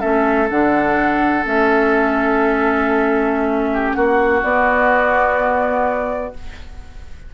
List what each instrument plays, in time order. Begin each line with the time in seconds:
0.00 bassoon A3, clarinet C#4, oboe A4, flute E5
0.50 bassoon D3, clarinet D4, flute F#5
1.44 bassoon A3, clarinet C#4, flute E5
3.73 oboe G4
3.92 bassoon A#3, oboe F#4, flute F#5
4.43 bassoon B3, clarinet B3, flute D5